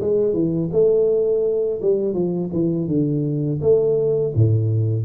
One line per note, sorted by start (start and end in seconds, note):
0.00 0.33 G#3
0.33 0.69 E3
0.72 1.80 A3
1.81 2.14 G3
2.14 2.50 F3
2.53 2.88 E3
2.88 3.60 D3
3.61 4.33 A3
4.35 5.05 A2